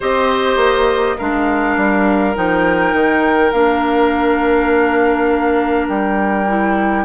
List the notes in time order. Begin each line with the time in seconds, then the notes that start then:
0.00 C4 G4 C5 D#5
0.56 A#3
1.17 G#3 D4 A#4 F5
1.76 G3
2.34 F3 D#4 G5
2.93 D#3
3.51 A#3 D4 F5
5.88 G3 G5
6.48 E4